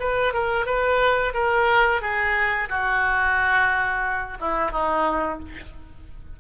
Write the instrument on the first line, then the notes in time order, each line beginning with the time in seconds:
oboe
0.00 B4
0.33 A#4
0.66 B4
1.34 A#4
2.01 G#4
2.69 F#4
4.40 E4
4.71 D#4